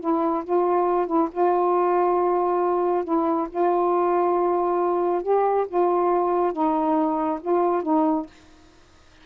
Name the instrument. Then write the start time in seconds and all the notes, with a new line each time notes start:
saxophone
0.00 E4
0.44 F4
1.06 E4
1.31 F4
3.04 E4
3.49 F4
5.22 G4
5.67 F4
6.52 D#4
7.41 F4
7.82 D#4